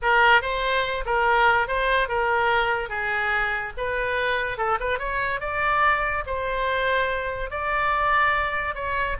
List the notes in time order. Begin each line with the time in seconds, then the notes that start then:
0.02 A#4
0.41 C5
1.05 A#4
1.67 C5
2.08 A#4
2.89 G#4
3.77 B4
4.57 A4
4.79 B4
4.98 C#5
5.40 D5
6.26 C5
7.50 D5
8.75 C#5